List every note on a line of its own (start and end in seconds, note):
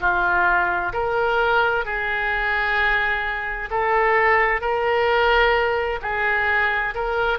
0.00 0.92 F4
0.93 1.85 A#4
1.85 3.69 G#4
3.70 4.61 A4
4.61 6.00 A#4
6.02 6.94 G#4
6.94 7.38 A#4